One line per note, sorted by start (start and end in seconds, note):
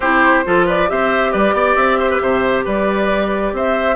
0.00 0.44 C4
0.00 0.45 E4
0.00 0.44 G4
0.00 0.65 C5
0.45 0.90 F3
0.45 0.87 F4
0.45 0.66 A4
0.66 0.88 B4
0.66 0.90 D5
0.87 1.33 C4
0.87 3.95 G4
0.87 1.32 C5
0.87 1.32 E5
1.32 1.53 G3
1.32 1.54 B4
1.32 1.75 D5
1.53 1.75 B3
1.53 1.99 D5
1.75 2.20 C4
1.75 2.64 E5
1.99 2.10 C5
2.10 2.21 B4
2.21 2.65 C3
2.21 2.64 C5
2.64 3.52 G3
2.64 3.52 B4
2.64 3.55 D5
3.52 3.95 C4
3.52 3.95 C5
3.52 3.95 E5